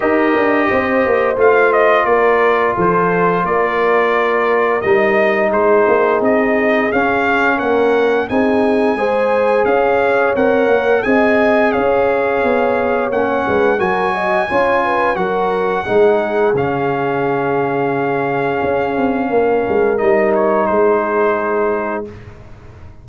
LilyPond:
<<
  \new Staff \with { instrumentName = "trumpet" } { \time 4/4 \tempo 4 = 87 dis''2 f''8 dis''8 d''4 | c''4 d''2 dis''4 | c''4 dis''4 f''4 fis''4 | gis''2 f''4 fis''4 |
gis''4 f''2 fis''4 | gis''2 fis''2 | f''1~ | f''4 dis''8 cis''8 c''2 | }
  \new Staff \with { instrumentName = "horn" } { \time 4/4 ais'4 c''2 ais'4 | a'4 ais'2. | gis'2. ais'4 | gis'4 c''4 cis''2 |
dis''4 cis''2~ cis''8 b'8 | ais'8 dis''8 cis''8 b'8 ais'4 gis'4~ | gis'1 | ais'2 gis'2 | }
  \new Staff \with { instrumentName = "trombone" } { \time 4/4 g'2 f'2~ | f'2. dis'4~ | dis'2 cis'2 | dis'4 gis'2 ais'4 |
gis'2. cis'4 | fis'4 f'4 fis'4 dis'4 | cis'1~ | cis'4 dis'2. | }
  \new Staff \with { instrumentName = "tuba" } { \time 4/4 dis'8 d'8 c'8 ais8 a4 ais4 | f4 ais2 g4 | gis8 ais8 c'4 cis'4 ais4 | c'4 gis4 cis'4 c'8 ais8 |
c'4 cis'4 b4 ais8 gis8 | fis4 cis'4 fis4 gis4 | cis2. cis'8 c'8 | ais8 gis8 g4 gis2 | }
>>